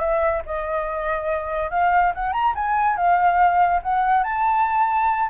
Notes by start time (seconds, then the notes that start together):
0.00 E5
0.45 D#5
1.70 F5
2.14 F#5
2.32 A#5
2.55 G#5
2.96 F5
3.82 F#5
4.23 A5